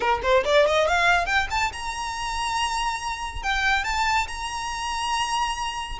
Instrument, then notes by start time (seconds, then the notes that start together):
violin
0.00 A#4
0.22 C5
0.44 D5
0.66 D#5
0.87 F5
1.26 G5
1.50 A5
1.72 A#5
3.42 G5
3.84 A5
4.27 A#5